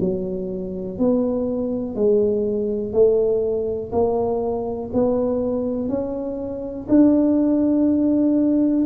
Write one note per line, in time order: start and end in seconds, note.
0.00 0.98 F#3
0.98 1.95 B3
1.95 2.93 G#3
2.93 3.91 A3
3.92 4.90 A#3
4.93 5.89 B3
5.89 6.87 C#4
6.89 8.86 D4